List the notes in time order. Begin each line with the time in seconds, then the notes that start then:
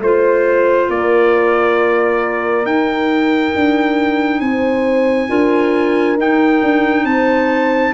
0.00 A3 F4 C5
0.89 A#3 A#4 D5
2.65 D#4 G5
3.56 D4
4.41 C4 C5 G#5
5.29 D4 F4 A#4
6.18 D#4 G5
6.63 D4
7.04 C4 C5 A5